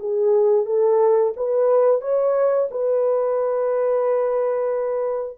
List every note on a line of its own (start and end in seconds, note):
0.00 0.66 G#4
0.66 1.33 A4
1.37 2.01 B4
2.01 2.69 C#5
2.71 5.38 B4